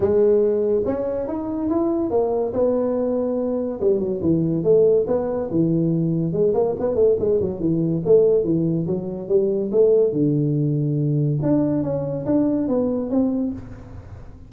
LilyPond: \new Staff \with { instrumentName = "tuba" } { \time 4/4 \tempo 4 = 142 gis2 cis'4 dis'4 | e'4 ais4 b2~ | b4 g8 fis8 e4 a4 | b4 e2 gis8 ais8 |
b8 a8 gis8 fis8 e4 a4 | e4 fis4 g4 a4 | d2. d'4 | cis'4 d'4 b4 c'4 | }